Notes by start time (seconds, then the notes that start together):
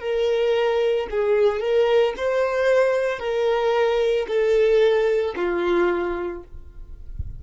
0.00 A#4
1.10 G#4
1.60 A#4
2.17 C5
3.19 A#4
4.28 A4
5.36 F4